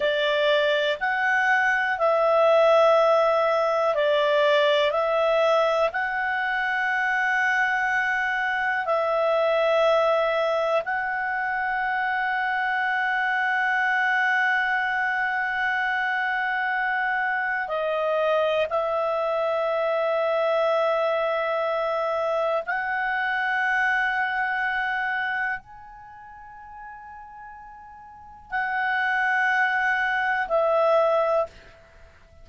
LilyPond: \new Staff \with { instrumentName = "clarinet" } { \time 4/4 \tempo 4 = 61 d''4 fis''4 e''2 | d''4 e''4 fis''2~ | fis''4 e''2 fis''4~ | fis''1~ |
fis''2 dis''4 e''4~ | e''2. fis''4~ | fis''2 gis''2~ | gis''4 fis''2 e''4 | }